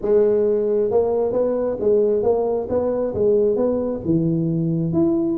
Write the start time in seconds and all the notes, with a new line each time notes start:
0.01 G#3
0.90 A#3
1.32 B3
1.80 G#3
2.22 A#3
2.69 B3
3.14 G#3
3.55 B3
4.04 E3
4.93 E4